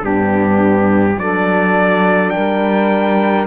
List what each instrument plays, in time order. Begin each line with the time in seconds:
0.00 cello G2, horn B3, saxophone D4, trumpet G4
1.17 cello F#3, horn D4, saxophone A4, trumpet D5
2.30 saxophone A#4, trumpet G5
2.37 cello G3